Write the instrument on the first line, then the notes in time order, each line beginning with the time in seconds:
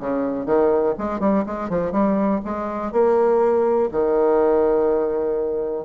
bassoon
0.00 C#3
0.46 D#3
0.98 G#3
1.20 G3
1.47 G#3
1.70 F3
1.92 G3
2.45 G#3
2.93 A#3
3.92 D#3